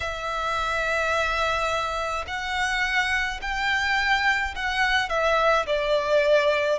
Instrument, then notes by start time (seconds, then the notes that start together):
violin
0.00 E5
2.26 F#5
3.41 G5
4.55 F#5
5.09 E5
5.66 D5